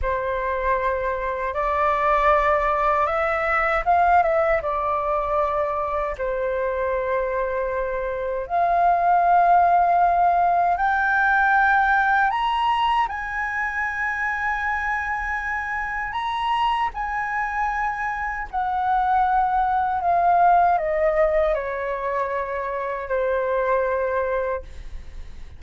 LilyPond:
\new Staff \with { instrumentName = "flute" } { \time 4/4 \tempo 4 = 78 c''2 d''2 | e''4 f''8 e''8 d''2 | c''2. f''4~ | f''2 g''2 |
ais''4 gis''2.~ | gis''4 ais''4 gis''2 | fis''2 f''4 dis''4 | cis''2 c''2 | }